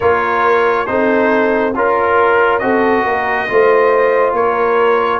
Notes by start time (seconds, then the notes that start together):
0.00 A#3 F4 A#4 C#5
0.86 C4 D#4 A4 C5
1.75 C#4 F4 A#4
2.59 C4 F#4 A4 D#5
3.03 A#3 A#4
3.48 A3 F4 C5
4.33 A#3 A#4 C#5